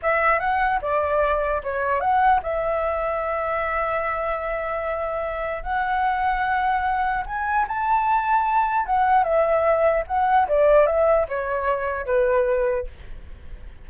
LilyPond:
\new Staff \with { instrumentName = "flute" } { \time 4/4 \tempo 4 = 149 e''4 fis''4 d''2 | cis''4 fis''4 e''2~ | e''1~ | e''2 fis''2~ |
fis''2 gis''4 a''4~ | a''2 fis''4 e''4~ | e''4 fis''4 d''4 e''4 | cis''2 b'2 | }